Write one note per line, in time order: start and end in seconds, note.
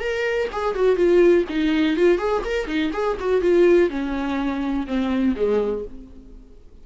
0.00 0.48 A#4
0.53 0.75 G#4
0.75 0.97 F#4
0.97 1.45 F4
1.50 1.97 D#4
1.97 2.19 F4
2.19 2.43 G#4
2.45 2.67 A#4
2.67 2.92 D#4
2.93 3.18 G#4
3.20 3.42 F#4
3.42 3.90 F4
3.90 4.87 C#4
4.87 5.36 C4
5.36 5.85 G#3